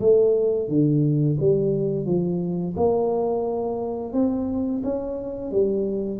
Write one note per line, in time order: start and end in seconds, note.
0.00 0.69 A3
0.69 1.38 D3
1.40 2.06 G3
2.06 2.75 F3
2.76 4.13 A#3
4.13 4.82 C4
4.84 5.51 C#4
5.51 6.20 G3